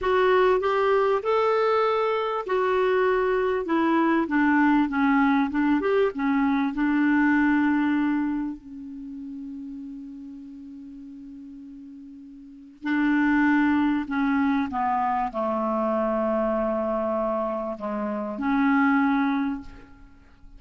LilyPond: \new Staff \with { instrumentName = "clarinet" } { \time 4/4 \tempo 4 = 98 fis'4 g'4 a'2 | fis'2 e'4 d'4 | cis'4 d'8 g'8 cis'4 d'4~ | d'2 cis'2~ |
cis'1~ | cis'4 d'2 cis'4 | b4 a2.~ | a4 gis4 cis'2 | }